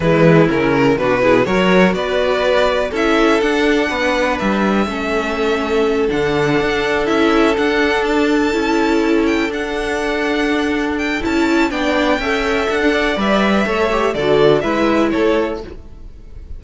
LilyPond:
<<
  \new Staff \with { instrumentName = "violin" } { \time 4/4 \tempo 4 = 123 b'4 ais'4 b'4 cis''4 | d''2 e''4 fis''4~ | fis''4 e''2.~ | e''8 fis''2 e''4 fis''8~ |
fis''8 a''2~ a''8 g''8 fis''8~ | fis''2~ fis''8 g''8 a''4 | g''2 fis''4 e''4~ | e''4 d''4 e''4 cis''4 | }
  \new Staff \with { instrumentName = "violin" } { \time 4/4 e'2 fis'8 gis'8 ais'4 | b'2 a'2 | b'2 a'2~ | a'1~ |
a'1~ | a'1 | d''4 e''4~ e''16 d'16 d''4. | cis''4 a'4 b'4 a'4 | }
  \new Staff \with { instrumentName = "viola" } { \time 4/4 gis4 cis'4 d'8 e'8 fis'4~ | fis'2 e'4 d'4~ | d'2 cis'2~ | cis'8 d'2 e'4 d'8~ |
d'4. e'2 d'8~ | d'2. e'4 | d'4 a'2 b'4 | a'8 g'8 fis'4 e'2 | }
  \new Staff \with { instrumentName = "cello" } { \time 4/4 e4 cis4 b,4 fis4 | b2 cis'4 d'4 | b4 g4 a2~ | a8 d4 d'4 cis'4 d'8~ |
d'4. cis'2 d'8~ | d'2. cis'4 | b4 cis'4 d'4 g4 | a4 d4 gis4 a4 | }
>>